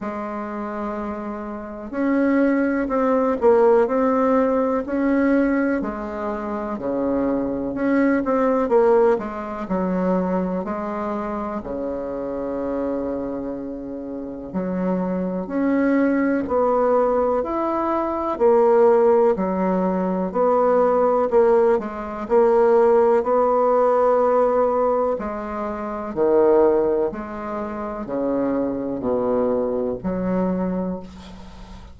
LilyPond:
\new Staff \with { instrumentName = "bassoon" } { \time 4/4 \tempo 4 = 62 gis2 cis'4 c'8 ais8 | c'4 cis'4 gis4 cis4 | cis'8 c'8 ais8 gis8 fis4 gis4 | cis2. fis4 |
cis'4 b4 e'4 ais4 | fis4 b4 ais8 gis8 ais4 | b2 gis4 dis4 | gis4 cis4 b,4 fis4 | }